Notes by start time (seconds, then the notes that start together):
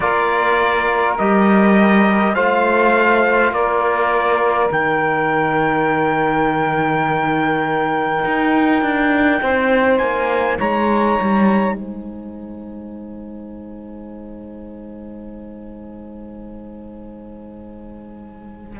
0.00 A#3 F4 A#4 D5
1.17 G3 G4 D#5
2.34 A3 F4 C5 F5
3.51 A#3 A#4 D5
4.70 D#3 D#4 G5
8.25 D#4
8.82 D4
9.41 C4 C5
9.97 A#3 G#5
10.57 G#3 C#5 A#5
11.20 G3
11.75 G#3 C5 G#5